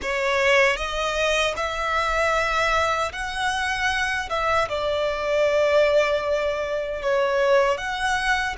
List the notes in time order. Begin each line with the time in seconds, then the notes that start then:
0.02 C#5
0.76 D#5
1.56 E5
3.12 F#5
4.29 E5
4.68 D5
7.02 C#5
7.77 F#5